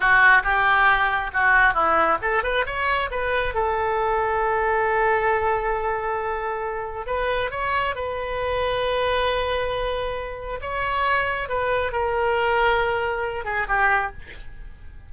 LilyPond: \new Staff \with { instrumentName = "oboe" } { \time 4/4 \tempo 4 = 136 fis'4 g'2 fis'4 | e'4 a'8 b'8 cis''4 b'4 | a'1~ | a'1 |
b'4 cis''4 b'2~ | b'1 | cis''2 b'4 ais'4~ | ais'2~ ais'8 gis'8 g'4 | }